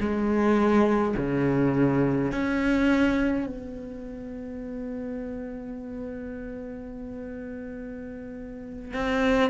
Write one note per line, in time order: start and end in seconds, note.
0.00 1.15 G#3
1.17 2.32 C#3
2.32 3.47 C#4
3.47 8.94 B3
8.94 9.51 C4